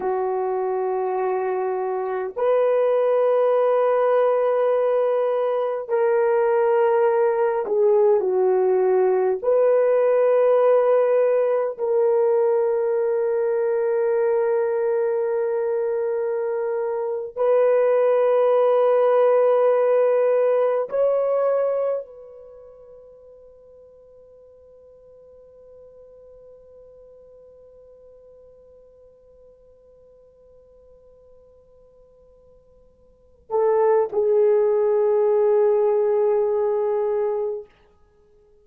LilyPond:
\new Staff \with { instrumentName = "horn" } { \time 4/4 \tempo 4 = 51 fis'2 b'2~ | b'4 ais'4. gis'8 fis'4 | b'2 ais'2~ | ais'2~ ais'8. b'4~ b'16~ |
b'4.~ b'16 cis''4 b'4~ b'16~ | b'1~ | b'1~ | b'8 a'8 gis'2. | }